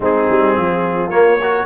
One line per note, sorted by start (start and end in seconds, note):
0.00 0.27 G#3
0.00 1.11 C4
0.00 0.56 D#4
0.00 1.09 G#4
0.29 0.57 G3
0.56 1.08 F3
0.56 1.39 F4
1.08 1.64 A#3
1.08 1.38 A#3
1.08 1.65 C#5
1.40 1.65 F#4
1.40 1.65 A#4